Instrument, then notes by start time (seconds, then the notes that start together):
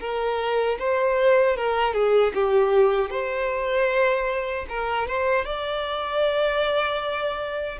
violin
0.00 A#4
0.79 C5
1.56 A#4
1.93 G#4
2.34 G4
3.10 C5
4.69 A#4
5.07 C5
5.44 D5